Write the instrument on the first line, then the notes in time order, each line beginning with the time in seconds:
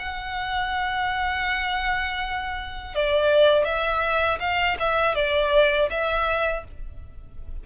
violin
0.00 F#5
2.96 D5
3.65 E5
4.40 F5
4.80 E5
5.15 D5
5.91 E5